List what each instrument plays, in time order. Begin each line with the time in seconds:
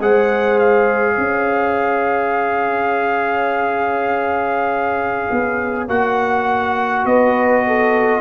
0.00 tuba G#3, trombone G#4, horn C5, trumpet F#5
0.59 trumpet F5
1.15 tuba C#4, horn C#5
5.31 tuba B3
5.87 tuba A#3, trombone F#4, trumpet F#5
7.05 tuba B3, horn B4, trumpet D#5
7.67 horn A4